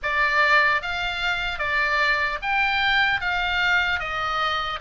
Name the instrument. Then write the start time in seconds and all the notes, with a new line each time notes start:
oboe
0.02 D5
0.82 F5
1.59 D5
2.42 G5
3.20 F5
3.99 D#5